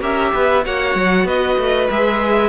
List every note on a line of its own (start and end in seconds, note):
0.00 0.32 C#4
0.00 0.62 G4
0.00 0.32 A#4
0.00 0.65 E5
0.33 0.65 B3
0.33 0.64 B4
0.64 0.95 A#3
0.64 1.89 F#4
0.64 1.26 C#5
0.64 1.27 F#5
0.95 1.24 F#3
1.24 1.55 B3
1.24 2.49 B4
1.24 1.89 D#5
1.57 1.88 A3
1.90 2.49 G#3
1.90 2.49 G#4
1.90 2.49 E5